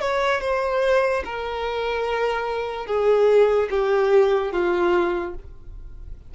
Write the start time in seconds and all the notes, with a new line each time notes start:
0.00 C#5
0.41 C5
1.24 A#4
2.86 G#4
3.70 G4
4.52 F4